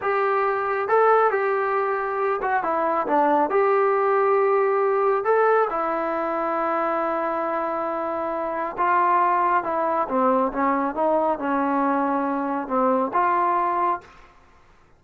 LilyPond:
\new Staff \with { instrumentName = "trombone" } { \time 4/4 \tempo 4 = 137 g'2 a'4 g'4~ | g'4. fis'8 e'4 d'4 | g'1 | a'4 e'2.~ |
e'1 | f'2 e'4 c'4 | cis'4 dis'4 cis'2~ | cis'4 c'4 f'2 | }